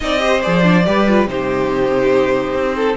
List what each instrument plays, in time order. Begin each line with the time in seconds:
0.00 cello C4, viola D#4, violin D5 D#5
0.18 viola G4, violin C5
0.41 cello F3, viola G#4, violin D5
0.62 viola D4
0.85 cello G3, viola G4, violin B4
1.08 viola F4
1.26 cello C3, viola D#4, violin G4 C5
2.53 cello C4
2.75 violin A4